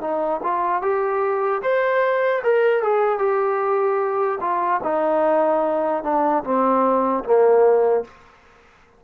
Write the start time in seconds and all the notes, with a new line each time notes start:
0.00 D#4
0.43 F4
0.81 G4
1.62 C5
2.43 A#4
2.83 G#4
3.19 G4
4.40 F4
4.83 D#4
6.03 D4
6.43 C4
7.24 A#3